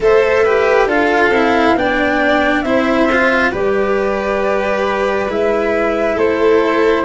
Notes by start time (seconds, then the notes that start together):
0.00 A3 A4 C5 E5
0.43 G4 B4
0.86 D4 F4 A4 F5
1.30 C4 E4
1.75 B3 D4 D5 G5
2.62 C4 E4 C5 E5
3.12 F4
3.51 G3 G4 B4 D5
5.27 G#3 E4 E5
6.15 A3 A4 C5